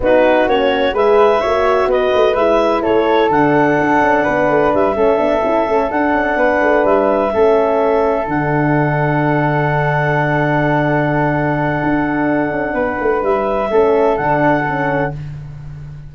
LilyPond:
<<
  \new Staff \with { instrumentName = "clarinet" } { \time 4/4 \tempo 4 = 127 b'4 cis''4 e''2 | dis''4 e''4 cis''4 fis''4~ | fis''2 e''2~ | e''8 fis''2 e''4.~ |
e''4. fis''2~ fis''8~ | fis''1~ | fis''1 | e''2 fis''2 | }
  \new Staff \with { instrumentName = "flute" } { \time 4/4 fis'2 b'4 cis''4 | b'2 a'2~ | a'4 b'4. a'4.~ | a'4. b'2 a'8~ |
a'1~ | a'1~ | a'2. b'4~ | b'4 a'2. | }
  \new Staff \with { instrumentName = "horn" } { \time 4/4 dis'4 cis'4 gis'4 fis'4~ | fis'4 e'2 d'4~ | d'2~ d'8 cis'8 d'8 e'8 | cis'8 d'2. cis'8~ |
cis'4. d'2~ d'8~ | d'1~ | d'1~ | d'4 cis'4 d'4 cis'4 | }
  \new Staff \with { instrumentName = "tuba" } { \time 4/4 b4 ais4 gis4 ais4 | b8 a8 gis4 a4 d4 | d'8 cis'8 b8 a8 g8 a8 b8 cis'8 | a8 d'8 cis'8 b8 a8 g4 a8~ |
a4. d2~ d8~ | d1~ | d4 d'4. cis'8 b8 a8 | g4 a4 d2 | }
>>